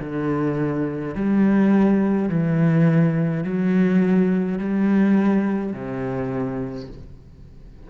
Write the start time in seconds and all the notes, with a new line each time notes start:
0.00 D3
1.15 G3
2.29 E3
3.44 F#3
4.58 G3
5.73 C3